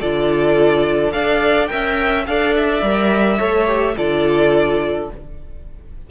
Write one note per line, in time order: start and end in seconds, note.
0.00 1.13 D3
0.00 1.12 F4
0.00 1.12 A4
0.00 1.12 D5
1.12 1.69 D4
1.12 1.68 A4
1.12 1.69 D5
1.12 1.67 F5
1.67 2.27 C#4
1.67 2.25 A#4
1.67 2.27 E5
1.67 2.24 G5
2.26 2.82 D4
2.26 2.83 A4
2.26 3.38 D5
2.26 2.54 F5
2.55 3.97 E5
2.82 3.39 G3
2.82 3.38 A#4
3.38 3.97 A3
3.38 3.66 A4
3.38 3.95 C#5
3.66 3.95 G4
3.97 5.10 D3
3.97 5.10 F4
3.97 5.10 A4
3.97 5.10 D5